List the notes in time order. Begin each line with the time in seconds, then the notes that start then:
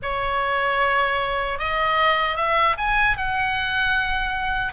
0.02 C#5
1.59 D#5
2.36 E5
2.77 G#5
3.17 F#5